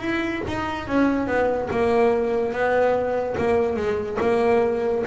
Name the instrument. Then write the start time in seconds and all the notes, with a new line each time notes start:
double bass
0.00 E4
0.47 D#4
0.87 C#4
1.27 B3
1.70 A#3
2.52 B3
3.37 A#3
3.76 G#3
4.20 A#3